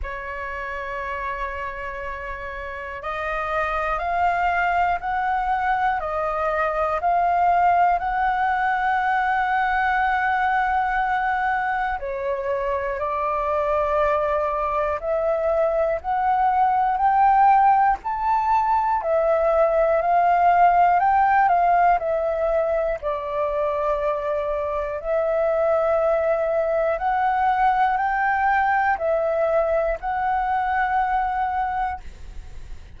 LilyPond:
\new Staff \with { instrumentName = "flute" } { \time 4/4 \tempo 4 = 60 cis''2. dis''4 | f''4 fis''4 dis''4 f''4 | fis''1 | cis''4 d''2 e''4 |
fis''4 g''4 a''4 e''4 | f''4 g''8 f''8 e''4 d''4~ | d''4 e''2 fis''4 | g''4 e''4 fis''2 | }